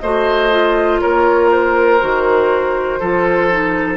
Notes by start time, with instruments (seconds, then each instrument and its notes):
0.00 bassoon A3, clarinet F#4, oboe C5, flute D#5
0.51 clarinet F4
1.01 bassoon A#3, oboe A#4, flute C#5
1.52 flute C5
2.01 bassoon D#3, clarinet F#4
3.00 bassoon F3, clarinet F4, oboe A4
3.51 clarinet D#4